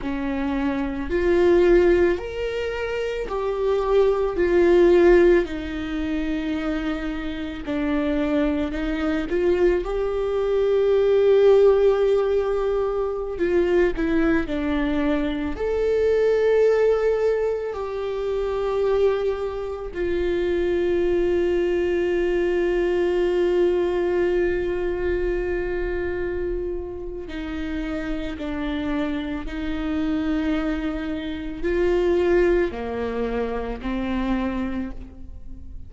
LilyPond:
\new Staff \with { instrumentName = "viola" } { \time 4/4 \tempo 4 = 55 cis'4 f'4 ais'4 g'4 | f'4 dis'2 d'4 | dis'8 f'8 g'2.~ | g'16 f'8 e'8 d'4 a'4.~ a'16~ |
a'16 g'2 f'4.~ f'16~ | f'1~ | f'4 dis'4 d'4 dis'4~ | dis'4 f'4 ais4 c'4 | }